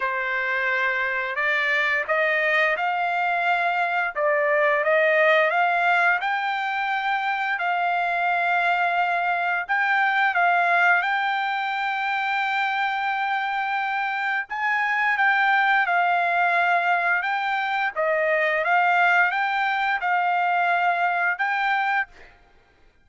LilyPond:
\new Staff \with { instrumentName = "trumpet" } { \time 4/4 \tempo 4 = 87 c''2 d''4 dis''4 | f''2 d''4 dis''4 | f''4 g''2 f''4~ | f''2 g''4 f''4 |
g''1~ | g''4 gis''4 g''4 f''4~ | f''4 g''4 dis''4 f''4 | g''4 f''2 g''4 | }